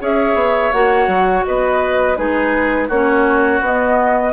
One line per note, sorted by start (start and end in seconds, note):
0.00 0.34 C#4
0.00 0.72 G#4
0.00 1.45 C#5
0.00 0.72 E5
0.34 0.70 B3
0.72 1.07 A#3
0.72 2.16 F#4
0.72 1.44 F#5
1.07 1.43 F#3
1.45 2.18 B3
1.45 2.18 B4
1.45 2.16 D#5
2.16 2.89 G#3
2.16 2.88 D#4
2.16 2.88 G#4
2.16 2.88 B4
2.88 3.60 A#3
2.88 3.62 C#4
2.88 4.32 F#4
2.88 3.62 C#5
3.60 4.32 B3
3.60 4.32 D#5